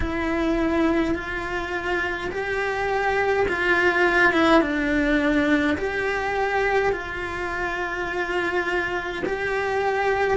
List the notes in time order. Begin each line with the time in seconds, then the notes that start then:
0.00 E4
1.14 F4
2.31 G4
3.48 F4
4.32 E4
4.61 D4
5.77 G4
6.92 F4
9.25 G4